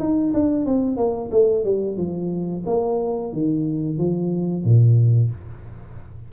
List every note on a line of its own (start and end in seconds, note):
0.00 0.33 D#4
0.34 0.66 D4
0.66 0.97 C4
0.97 1.31 A#3
1.32 1.65 A3
1.65 1.98 G3
1.98 2.64 F3
2.67 3.33 A#3
3.33 3.98 D#3
3.98 4.65 F3
4.65 5.32 A#2